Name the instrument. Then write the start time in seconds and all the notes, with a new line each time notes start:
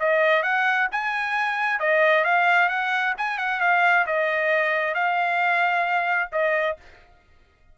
trumpet
0.00 D#5
0.43 F#5
0.92 G#5
1.80 D#5
2.25 F5
2.69 F#5
3.18 G#5
3.38 F#5
3.61 F5
4.07 D#5
4.95 F5
6.32 D#5